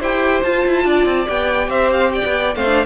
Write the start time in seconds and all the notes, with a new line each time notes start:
0.00 E4 G4 C5 G5
0.43 F4 A5
0.66 E4
0.85 D4 D5
1.06 C4
1.26 B3 G4 G5
1.68 C4 C5 E5
1.92 F5
2.13 D5 G5
2.25 B3
2.56 A3 C4 C5 F5
2.66 D4